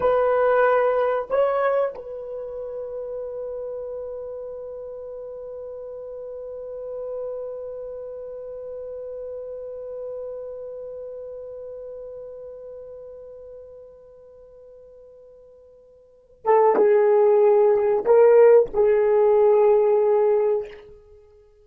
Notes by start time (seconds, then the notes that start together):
0.00 B4
1.30 C#5
1.94 B4
16.45 A4
16.76 G#4
18.05 A#4
18.73 G#4